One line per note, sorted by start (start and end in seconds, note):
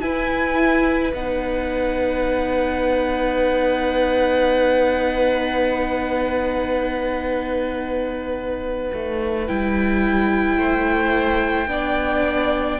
0.00 1.13 E4
0.00 10.57 B4
0.00 1.11 G#5
1.13 8.91 B3
1.13 9.46 D#4
1.13 9.47 F#5
8.93 9.48 A3
9.46 10.57 G3
9.46 11.67 E4
9.46 12.80 G5
10.57 11.67 A3
10.57 11.68 C5
11.67 12.78 B3
11.67 12.78 D4
11.67 12.80 D5